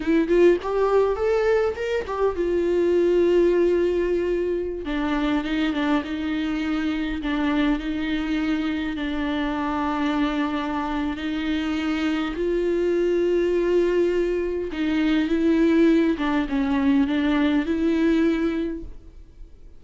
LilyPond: \new Staff \with { instrumentName = "viola" } { \time 4/4 \tempo 4 = 102 e'8 f'8 g'4 a'4 ais'8 g'8 | f'1~ | f'16 d'4 dis'8 d'8 dis'4.~ dis'16~ | dis'16 d'4 dis'2 d'8.~ |
d'2. dis'4~ | dis'4 f'2.~ | f'4 dis'4 e'4. d'8 | cis'4 d'4 e'2 | }